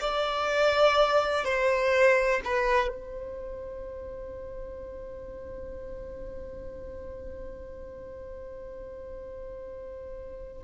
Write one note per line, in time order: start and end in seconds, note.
0.00 1.44 D5
1.44 2.41 C5
2.44 2.88 B4
2.88 10.62 C5